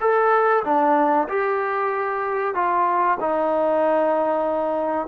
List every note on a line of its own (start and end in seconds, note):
0.00 0.63 A4
0.64 1.27 D4
1.28 2.54 G4
2.54 3.18 F4
3.20 5.07 D#4